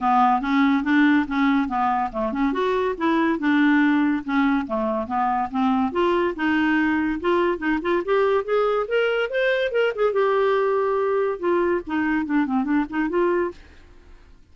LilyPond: \new Staff \with { instrumentName = "clarinet" } { \time 4/4 \tempo 4 = 142 b4 cis'4 d'4 cis'4 | b4 a8 cis'8 fis'4 e'4 | d'2 cis'4 a4 | b4 c'4 f'4 dis'4~ |
dis'4 f'4 dis'8 f'8 g'4 | gis'4 ais'4 c''4 ais'8 gis'8 | g'2. f'4 | dis'4 d'8 c'8 d'8 dis'8 f'4 | }